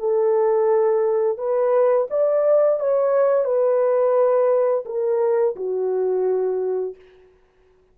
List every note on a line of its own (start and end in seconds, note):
0.00 1.38 A4
1.38 2.08 B4
2.11 2.80 D5
2.80 3.45 C#5
3.45 4.85 B4
4.86 5.56 A#4
5.56 6.96 F#4